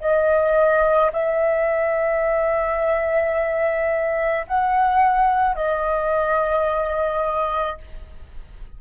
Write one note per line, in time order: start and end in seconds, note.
0.00 1.11 D#5
1.13 4.46 E5
4.47 5.56 F#5
5.56 7.78 D#5